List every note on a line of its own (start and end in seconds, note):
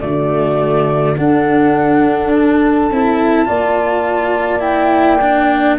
0.00 1.17 D3
0.00 1.15 A3
0.00 1.18 F#4
0.00 1.16 D5
1.16 2.90 D4
1.16 3.47 A4
1.16 2.31 F#5
2.35 4.61 A5
2.90 3.48 C4
2.90 3.45 E4
3.45 5.78 A#3
3.45 4.59 F4
3.45 5.78 D5
4.59 5.17 E4
4.59 5.76 G5
5.21 5.78 D4